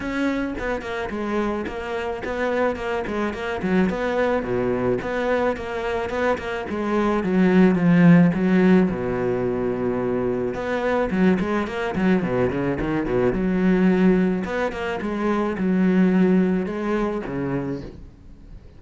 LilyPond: \new Staff \with { instrumentName = "cello" } { \time 4/4 \tempo 4 = 108 cis'4 b8 ais8 gis4 ais4 | b4 ais8 gis8 ais8 fis8 b4 | b,4 b4 ais4 b8 ais8 | gis4 fis4 f4 fis4 |
b,2. b4 | fis8 gis8 ais8 fis8 b,8 cis8 dis8 b,8 | fis2 b8 ais8 gis4 | fis2 gis4 cis4 | }